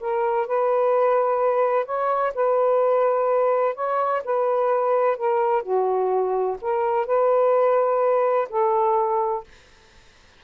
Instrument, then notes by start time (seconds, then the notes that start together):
saxophone
0.00 A#4
0.47 B4
1.85 C#5
2.35 B4
3.75 C#5
4.25 B4
5.17 A#4
5.62 F#4
6.61 A#4
7.06 B4
8.49 A4